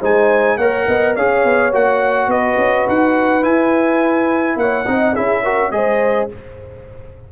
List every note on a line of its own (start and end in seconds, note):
0.00 0.57 G#3
0.00 0.59 D#4
0.00 0.57 C5
0.00 0.57 G#5
0.57 0.85 A#3
0.57 1.18 A#4
0.57 0.86 C#5
0.57 1.14 F#5
0.87 1.16 B3
0.87 1.15 D#5
1.15 1.44 C#4
1.15 1.72 G#4
1.15 2.29 C#5
1.15 1.73 F5
1.44 1.72 B3
1.72 2.27 A#3
1.72 3.42 F#4
1.72 2.30 F#5
2.27 2.56 B3
2.27 4.57 B4
2.27 2.87 D#5
2.57 2.86 C#4
2.88 3.44 D#4
2.88 3.43 F#5
3.42 4.85 E4
3.42 4.56 E4
3.42 4.58 G#5
4.56 4.85 A#3
4.56 4.85 C#5
4.56 5.15 F#5
4.85 5.15 C4
4.85 5.15 D#4
4.85 5.13 D#5
5.13 5.71 C#4
5.13 5.44 E4
5.13 5.42 G#4
5.13 5.71 E5
5.43 5.71 F#4
5.43 5.72 A#4
5.71 6.28 G#3
5.71 6.28 G#4
5.71 6.32 C5
5.71 6.28 D#5